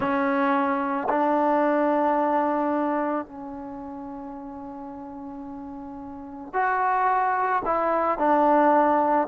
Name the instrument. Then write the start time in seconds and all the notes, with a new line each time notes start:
trombone
0.00 C#4
1.09 D4
3.25 C#4
6.53 F#4
7.65 E4
8.18 D4